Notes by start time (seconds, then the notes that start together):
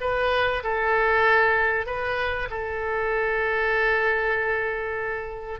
0.00 B4
0.63 A4
1.86 B4
2.50 A4